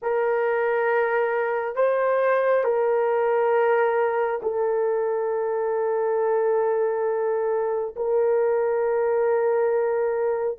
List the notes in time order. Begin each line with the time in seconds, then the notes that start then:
0.02 A#4
1.75 C5
2.64 A#4
4.42 A4
7.96 A#4